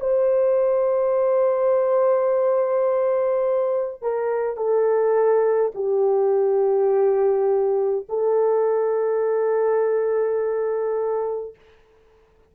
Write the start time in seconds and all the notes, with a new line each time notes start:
0.00 C5
4.02 A#4
4.57 A4
5.75 G4
8.09 A4